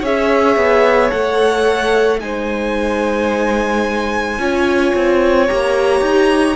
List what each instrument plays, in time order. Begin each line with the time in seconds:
0.00 cello C#4, viola G#4, violin C#5 E5
0.56 cello B3
1.10 cello A3, viola A4, violin F#5
2.20 cello G#3, viola D#4, violin C5 G#5
4.38 cello C#4, viola F4, violin C#5
4.95 cello C4
5.47 cello A#3, viola G4, violin A#5
6.01 cello D#4